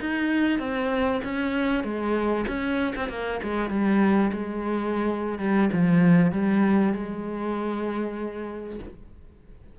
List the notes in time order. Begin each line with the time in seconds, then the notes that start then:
0.00 D#4
0.59 C4
1.23 C#4
1.84 G#3
2.47 C#4
2.96 C4
3.09 A#3
3.43 G#3
3.69 G3
4.32 G#3
5.39 G3
5.72 F3
6.32 G3
6.93 G#3